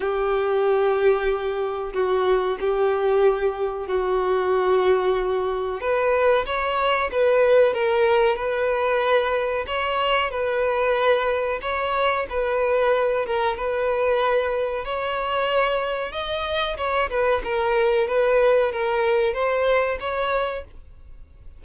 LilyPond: \new Staff \with { instrumentName = "violin" } { \time 4/4 \tempo 4 = 93 g'2. fis'4 | g'2 fis'2~ | fis'4 b'4 cis''4 b'4 | ais'4 b'2 cis''4 |
b'2 cis''4 b'4~ | b'8 ais'8 b'2 cis''4~ | cis''4 dis''4 cis''8 b'8 ais'4 | b'4 ais'4 c''4 cis''4 | }